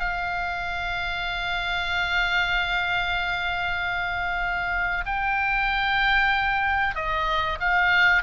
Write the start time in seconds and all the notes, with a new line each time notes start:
0.00 F5
5.06 G5
6.95 D#5
7.60 F5